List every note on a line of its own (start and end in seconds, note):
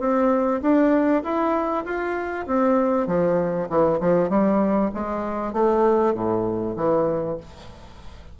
0.00 0.61 C4
0.62 1.23 D4
1.23 1.85 E4
1.85 2.46 F4
2.47 3.07 C4
3.07 3.68 F3
3.69 4.00 E3
4.00 4.29 F3
4.29 4.91 G3
4.94 5.53 G#3
5.53 6.14 A3
6.14 6.76 A2
6.77 7.38 E3